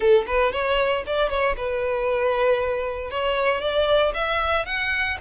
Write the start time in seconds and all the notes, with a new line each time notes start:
0.00 A4
0.27 B4
0.52 C#5
1.06 D5
1.29 C#5
1.57 B4
3.10 C#5
3.61 D5
4.14 E5
4.65 F#5